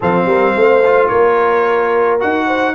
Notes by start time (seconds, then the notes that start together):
0.00 F3 C4 A4 F5
0.25 G3 A#4
0.55 A3 C5
0.85 F4
1.08 A#3 A#4 C#5
2.19 D#4 F#4 F#5
2.46 C5